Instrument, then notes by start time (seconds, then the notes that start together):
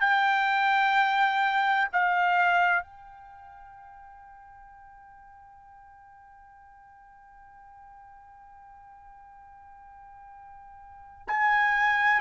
trumpet
0.00 G5
1.92 F5
2.83 G5
11.28 G#5